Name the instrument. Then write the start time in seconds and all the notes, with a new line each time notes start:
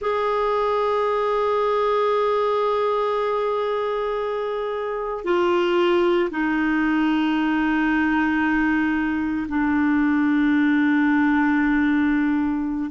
clarinet
0.01 G#4
5.24 F4
6.31 D#4
9.48 D4